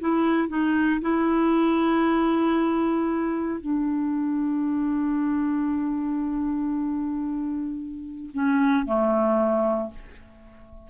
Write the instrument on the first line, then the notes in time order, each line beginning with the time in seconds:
clarinet
0.00 E4
0.49 D#4
1.02 E4
3.60 D4
8.34 C#4
8.86 A3